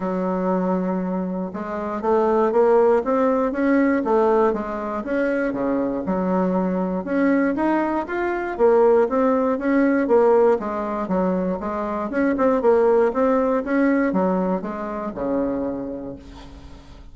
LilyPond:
\new Staff \with { instrumentName = "bassoon" } { \time 4/4 \tempo 4 = 119 fis2. gis4 | a4 ais4 c'4 cis'4 | a4 gis4 cis'4 cis4 | fis2 cis'4 dis'4 |
f'4 ais4 c'4 cis'4 | ais4 gis4 fis4 gis4 | cis'8 c'8 ais4 c'4 cis'4 | fis4 gis4 cis2 | }